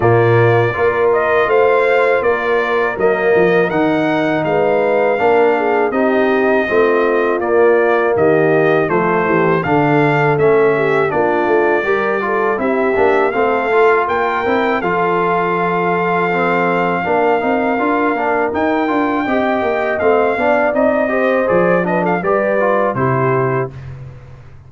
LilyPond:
<<
  \new Staff \with { instrumentName = "trumpet" } { \time 4/4 \tempo 4 = 81 d''4. dis''8 f''4 d''4 | dis''4 fis''4 f''2 | dis''2 d''4 dis''4 | c''4 f''4 e''4 d''4~ |
d''4 e''4 f''4 g''4 | f''1~ | f''4 g''2 f''4 | dis''4 d''8 dis''16 f''16 d''4 c''4 | }
  \new Staff \with { instrumentName = "horn" } { \time 4/4 f'4 ais'4 c''4 ais'4~ | ais'2 b'4 ais'8 gis'8 | g'4 f'2 g'4 | f'8 g'8 a'4. g'8 f'4 |
ais'8 a'8 g'4 a'4 ais'4 | a'2. ais'4~ | ais'2 dis''4. d''8~ | d''8 c''4 b'16 a'16 b'4 g'4 | }
  \new Staff \with { instrumentName = "trombone" } { \time 4/4 ais4 f'2. | ais4 dis'2 d'4 | dis'4 c'4 ais2 | a4 d'4 cis'4 d'4 |
g'8 f'8 e'8 d'8 c'8 f'4 e'8 | f'2 c'4 d'8 dis'8 | f'8 d'8 dis'8 f'8 g'4 c'8 d'8 | dis'8 g'8 gis'8 d'8 g'8 f'8 e'4 | }
  \new Staff \with { instrumentName = "tuba" } { \time 4/4 ais,4 ais4 a4 ais4 | fis8 f8 dis4 gis4 ais4 | c'4 a4 ais4 dis4 | f8 e8 d4 a4 ais8 a8 |
g4 c'8 ais8 a4 ais8 c'8 | f2. ais8 c'8 | d'8 ais8 dis'8 d'8 c'8 ais8 a8 b8 | c'4 f4 g4 c4 | }
>>